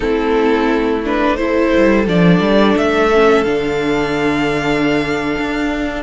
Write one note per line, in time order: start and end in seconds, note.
0.00 1.74 A3
0.00 1.02 C4
0.00 1.36 E4
0.00 1.01 A4
1.04 1.37 D4
1.04 1.36 B4
1.36 2.06 E4
1.36 6.02 A4
1.36 2.05 C5
1.76 2.07 G3
2.07 2.40 F3
2.07 3.10 D4
2.07 2.77 D5
2.40 2.74 G3
2.77 3.46 A3
2.77 3.44 E5
3.13 3.45 C#4
3.44 5.35 D3
3.44 6.02 D4
3.44 6.02 F5
5.38 6.02 D4